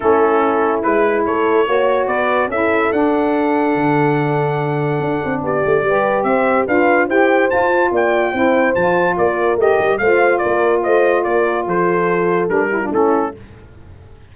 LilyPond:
<<
  \new Staff \with { instrumentName = "trumpet" } { \time 4/4 \tempo 4 = 144 a'2 b'4 cis''4~ | cis''4 d''4 e''4 fis''4~ | fis''1~ | fis''4 d''2 e''4 |
f''4 g''4 a''4 g''4~ | g''4 a''4 d''4 dis''4 | f''4 d''4 dis''4 d''4 | c''2 ais'4 a'4 | }
  \new Staff \with { instrumentName = "horn" } { \time 4/4 e'2. a'4 | cis''4 b'4 a'2~ | a'1~ | a'4 g'4 b'4 c''4 |
b'4 c''2 d''4 | c''2 ais'2 | c''4 ais'4 c''4 ais'4 | a'2~ a'8 g'16 f'16 e'4 | }
  \new Staff \with { instrumentName = "saxophone" } { \time 4/4 cis'2 e'2 | fis'2 e'4 d'4~ | d'1~ | d'2 g'2 |
f'4 g'4 f'2 | e'4 f'2 g'4 | f'1~ | f'2 d'8 e'16 d'16 cis'4 | }
  \new Staff \with { instrumentName = "tuba" } { \time 4/4 a2 gis4 a4 | ais4 b4 cis'4 d'4~ | d'4 d2. | d'8 c'8 b8 a8 g4 c'4 |
d'4 e'4 f'4 ais4 | c'4 f4 ais4 a8 g8 | a4 ais4 a4 ais4 | f2 g4 a4 | }
>>